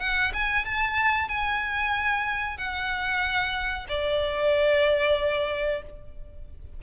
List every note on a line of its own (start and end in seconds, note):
0.00 0.32 F#5
0.34 0.66 G#5
0.66 1.29 A5
1.29 2.58 G#5
2.58 3.87 F#5
3.89 5.83 D5